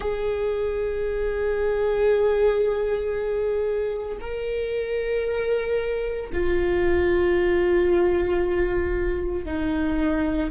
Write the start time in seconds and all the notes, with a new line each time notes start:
0.00 G#4
4.20 A#4
6.32 F4
9.44 D#4